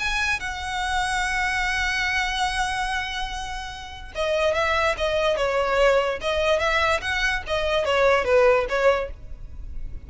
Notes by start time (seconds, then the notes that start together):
0.00 G#5
0.40 F#5
4.15 D#5
4.54 E5
4.98 D#5
5.37 C#5
6.21 D#5
6.60 E5
7.02 F#5
7.47 D#5
7.85 C#5
8.25 B4
8.70 C#5